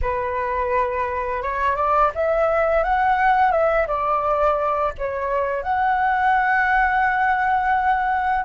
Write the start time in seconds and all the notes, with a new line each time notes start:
0.01 B4
1.42 C#5
1.76 D5
2.14 E5
2.83 F#5
3.51 E5
3.87 D5
4.98 C#5
5.62 F#5